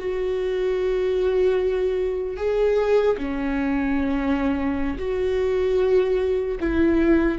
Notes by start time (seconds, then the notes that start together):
0.00 F#4
2.37 G#4
3.18 C#4
4.99 F#4
6.61 E4